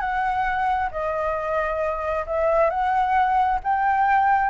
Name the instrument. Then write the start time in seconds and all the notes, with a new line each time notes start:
flute
0.00 F#5
0.91 D#5
2.27 E5
2.70 F#5
3.64 G5